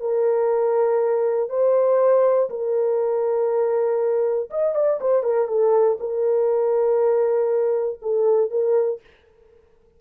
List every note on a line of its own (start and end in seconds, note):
0.00 1.49 A#4
1.49 2.49 C5
2.50 4.50 A#4
4.50 4.75 D#5
4.75 5.00 D5
5.00 5.23 C5
5.23 5.47 A#4
5.47 5.97 A4
6.00 8.00 A#4
8.02 8.50 A4
8.50 9.00 A#4